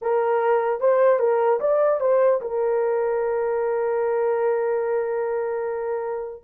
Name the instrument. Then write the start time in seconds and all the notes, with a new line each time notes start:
horn
0.01 A#4
0.80 C5
1.19 A#4
1.60 D5
2.00 C5
2.41 A#4